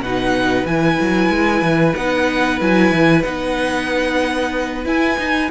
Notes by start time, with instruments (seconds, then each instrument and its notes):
0.00 cello B2, viola D#4, violin B4 F#5
0.65 cello E3, viola E4, violin G#5
1.01 cello F#3
1.30 cello G#3
1.62 cello E3
1.95 cello B3, viola D#4, violin F#5
2.61 cello F#3, viola E4, violin G#5
2.91 cello E3
3.23 cello B3, viola D#4, violin F#5
4.85 viola E4, cello E4, violin G#5
5.18 viola D#4, cello D#4